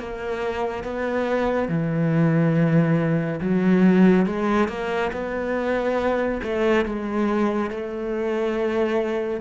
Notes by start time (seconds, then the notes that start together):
0.00 A#3
0.84 B3
1.69 E3
3.41 F#3
4.26 G#3
4.69 A#3
5.13 B3
6.43 A3
6.86 G#3
7.71 A3